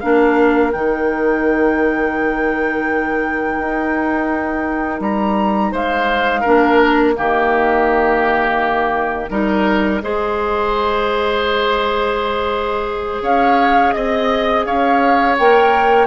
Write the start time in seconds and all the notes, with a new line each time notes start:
0.00 A#3 D4 A#4 F5
0.72 D#3 D#4 G5
3.59 D#4
5.00 G3 A#5
5.72 G#3 C5 F5
6.41 D4 A#4
6.47 A#3
6.80 D#5
7.15 D#3 A#3 G4
9.30 G3 D#4 A#4
10.02 G#3 G#4 C5
13.22 C#4 C#5 F5
13.93 C4 D#5
14.65 C#4 C#5 F5
15.38 A#3 A#4 G5